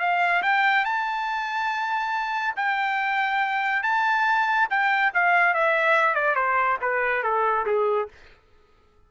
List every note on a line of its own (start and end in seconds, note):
0.00 0.43 F5
0.43 0.85 G5
0.85 2.55 A5
2.56 3.83 G5
3.83 4.68 A5
4.70 5.13 G5
5.14 5.54 F5
5.54 6.15 E5
6.15 6.36 D5
6.36 6.78 C5
6.82 7.24 B4
7.24 7.66 A4
7.66 8.09 G#4